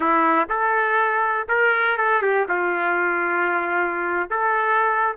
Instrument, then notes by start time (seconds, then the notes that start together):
trumpet
0.00 E4
0.49 A4
1.48 A#4
1.97 A4
2.22 G4
2.48 F4
4.29 A4